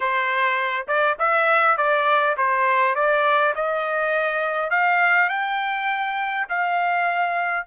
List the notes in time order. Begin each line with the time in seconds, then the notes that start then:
0.00 C5
0.87 D5
1.18 E5
1.77 D5
2.37 C5
2.95 D5
3.55 D#5
4.70 F5
5.29 G5
6.49 F5